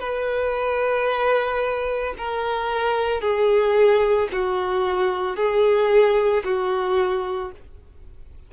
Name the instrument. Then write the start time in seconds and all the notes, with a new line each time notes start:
violin
0.00 B4
2.18 A#4
3.21 G#4
4.32 F#4
5.36 G#4
6.44 F#4